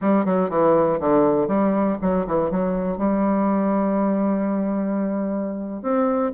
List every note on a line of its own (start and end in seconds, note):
0.01 0.25 G3
0.25 0.49 F#3
0.49 0.99 E3
1.00 1.47 D3
1.47 1.97 G3
2.01 2.26 F#3
2.26 2.50 E3
2.50 2.97 F#3
2.97 5.82 G3
5.82 6.32 C4